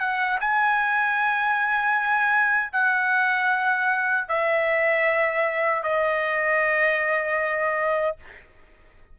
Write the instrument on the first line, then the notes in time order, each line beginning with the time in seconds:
trumpet
0.00 F#5
0.40 G#5
2.73 F#5
4.29 E5
5.83 D#5